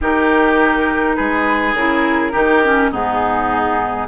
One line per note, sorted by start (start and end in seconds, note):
0.01 1.17 D#3
0.01 1.76 D#4
0.01 1.16 G4
0.01 1.15 A#4
1.15 1.74 G#3
1.15 2.32 G#4
1.15 1.74 B4
1.74 2.32 C#3
1.74 2.32 E4
1.74 2.91 A#4
2.32 2.91 D#3
2.32 2.61 D#4
2.32 2.90 G4
2.64 2.92 C#4
2.91 4.08 G#2
2.91 4.08 B3
2.91 4.07 D#4
2.91 4.08 G#4